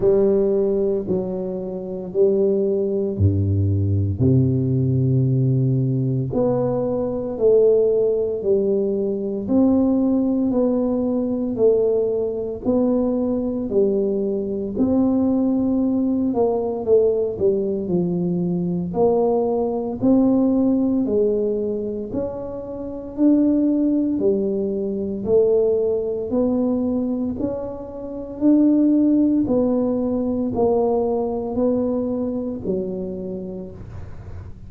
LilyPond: \new Staff \with { instrumentName = "tuba" } { \time 4/4 \tempo 4 = 57 g4 fis4 g4 g,4 | c2 b4 a4 | g4 c'4 b4 a4 | b4 g4 c'4. ais8 |
a8 g8 f4 ais4 c'4 | gis4 cis'4 d'4 g4 | a4 b4 cis'4 d'4 | b4 ais4 b4 fis4 | }